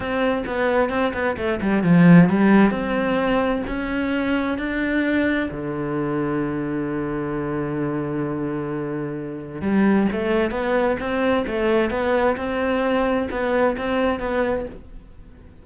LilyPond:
\new Staff \with { instrumentName = "cello" } { \time 4/4 \tempo 4 = 131 c'4 b4 c'8 b8 a8 g8 | f4 g4 c'2 | cis'2 d'2 | d1~ |
d1~ | d4 g4 a4 b4 | c'4 a4 b4 c'4~ | c'4 b4 c'4 b4 | }